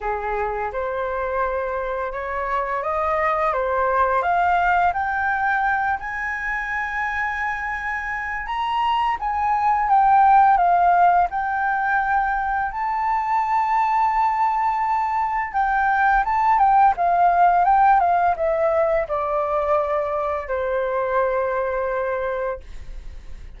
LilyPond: \new Staff \with { instrumentName = "flute" } { \time 4/4 \tempo 4 = 85 gis'4 c''2 cis''4 | dis''4 c''4 f''4 g''4~ | g''8 gis''2.~ gis''8 | ais''4 gis''4 g''4 f''4 |
g''2 a''2~ | a''2 g''4 a''8 g''8 | f''4 g''8 f''8 e''4 d''4~ | d''4 c''2. | }